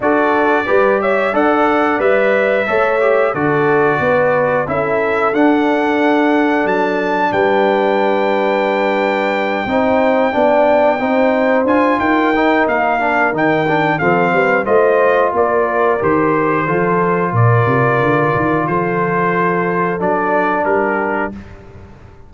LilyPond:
<<
  \new Staff \with { instrumentName = "trumpet" } { \time 4/4 \tempo 4 = 90 d''4. e''8 fis''4 e''4~ | e''4 d''2 e''4 | fis''2 a''4 g''4~ | g''1~ |
g''4. gis''8 g''4 f''4 | g''4 f''4 dis''4 d''4 | c''2 d''2 | c''2 d''4 ais'4 | }
  \new Staff \with { instrumentName = "horn" } { \time 4/4 a'4 b'8 cis''8 d''2 | cis''4 a'4 b'4 a'4~ | a'2. b'4~ | b'2~ b'8 c''4 d''8~ |
d''8 c''4. ais'2~ | ais'4 a'8 b'8 c''4 ais'4~ | ais'4 a'4 ais'2 | a'2. g'4 | }
  \new Staff \with { instrumentName = "trombone" } { \time 4/4 fis'4 g'4 a'4 b'4 | a'8 g'8 fis'2 e'4 | d'1~ | d'2~ d'8 dis'4 d'8~ |
d'8 dis'4 f'4 dis'4 d'8 | dis'8 d'8 c'4 f'2 | g'4 f'2.~ | f'2 d'2 | }
  \new Staff \with { instrumentName = "tuba" } { \time 4/4 d'4 g4 d'4 g4 | a4 d4 b4 cis'4 | d'2 fis4 g4~ | g2~ g8 c'4 b8~ |
b8 c'4 d'8 dis'4 ais4 | dis4 f8 g8 a4 ais4 | dis4 f4 ais,8 c8 d8 dis8 | f2 fis4 g4 | }
>>